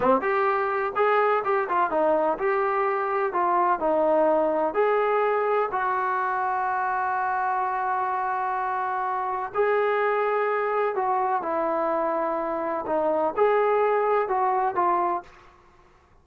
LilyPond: \new Staff \with { instrumentName = "trombone" } { \time 4/4 \tempo 4 = 126 c'8 g'4. gis'4 g'8 f'8 | dis'4 g'2 f'4 | dis'2 gis'2 | fis'1~ |
fis'1 | gis'2. fis'4 | e'2. dis'4 | gis'2 fis'4 f'4 | }